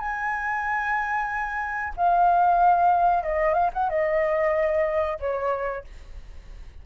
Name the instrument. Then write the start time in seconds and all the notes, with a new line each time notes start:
flute
0.00 G#5
1.97 F5
3.24 D#5
3.54 F5
3.74 F#5
3.89 D#5
5.20 C#5